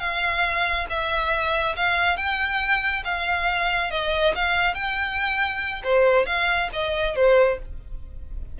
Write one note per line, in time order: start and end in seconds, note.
0.00 0.86 F5
0.90 1.76 E5
1.76 2.17 F5
2.17 3.03 G5
3.05 3.91 F5
3.91 4.34 D#5
4.36 4.75 F5
4.75 5.83 G5
5.84 6.26 C5
6.26 6.69 F5
6.73 7.16 D#5
7.16 7.59 C5